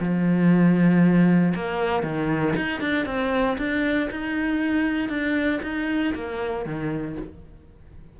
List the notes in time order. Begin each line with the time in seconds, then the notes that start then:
0.00 F3
1.55 A#3
2.03 D#3
2.56 D#4
2.81 D4
3.06 C4
3.58 D4
4.11 D#4
5.09 D4
5.63 D#4
6.15 A#3
6.65 D#3